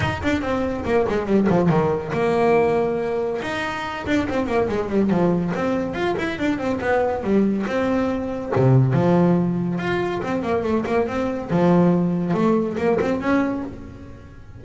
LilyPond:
\new Staff \with { instrumentName = "double bass" } { \time 4/4 \tempo 4 = 141 dis'8 d'8 c'4 ais8 gis8 g8 f8 | dis4 ais2. | dis'4. d'8 c'8 ais8 gis8 g8 | f4 c'4 f'8 e'8 d'8 c'8 |
b4 g4 c'2 | c4 f2 f'4 | c'8 ais8 a8 ais8 c'4 f4~ | f4 a4 ais8 c'8 cis'4 | }